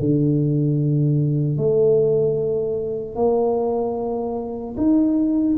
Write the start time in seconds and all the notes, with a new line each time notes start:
0.00 D3
1.58 A3
3.16 A#3
4.77 D#4